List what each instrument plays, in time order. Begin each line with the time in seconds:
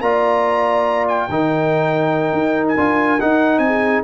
0.00 tuba A#3, trombone F4, horn D5, trumpet A#5
1.08 trumpet G5
1.29 tuba D#3, trombone D#4, horn A#4
2.32 tuba D#4
2.68 trumpet G#5
2.76 tuba D4, trombone F4
3.20 trombone D#4, tuba D#4, trumpet F#5
3.58 tuba C4, trumpet G#5
3.66 horn G#4